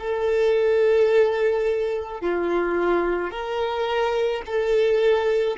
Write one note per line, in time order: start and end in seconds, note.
0.00 2.21 A4
2.21 3.31 F4
3.31 4.42 A#4
4.46 5.58 A4